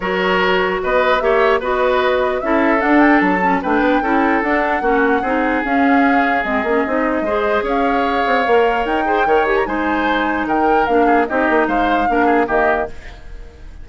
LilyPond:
<<
  \new Staff \with { instrumentName = "flute" } { \time 4/4 \tempo 4 = 149 cis''2 dis''4 e''4 | dis''2 e''4 fis''8 g''8 | a''4 g''2 fis''4~ | fis''2 f''2 |
dis''2. f''4~ | f''2 g''4. gis''16 ais''16 | gis''2 g''4 f''4 | dis''4 f''2 dis''4 | }
  \new Staff \with { instrumentName = "oboe" } { \time 4/4 ais'2 b'4 cis''4 | b'2 a'2~ | a'4 b'4 a'2 | fis'4 gis'2.~ |
gis'2 c''4 cis''4~ | cis''2~ cis''8 c''8 cis''4 | c''2 ais'4. gis'8 | g'4 c''4 ais'8 gis'8 g'4 | }
  \new Staff \with { instrumentName = "clarinet" } { \time 4/4 fis'2. g'4 | fis'2 e'4 d'4~ | d'8 cis'8 d'4 e'4 d'4 | cis'4 dis'4 cis'2 |
c'8 cis'8 dis'4 gis'2~ | gis'4 ais'4. gis'8 ais'8 g'8 | dis'2. d'4 | dis'2 d'4 ais4 | }
  \new Staff \with { instrumentName = "bassoon" } { \time 4/4 fis2 b4 ais4 | b2 cis'4 d'4 | fis4 a8 b8 cis'4 d'4 | ais4 c'4 cis'2 |
gis8 ais8 c'4 gis4 cis'4~ | cis'8 c'8 ais4 dis'4 dis4 | gis2 dis4 ais4 | c'8 ais8 gis4 ais4 dis4 | }
>>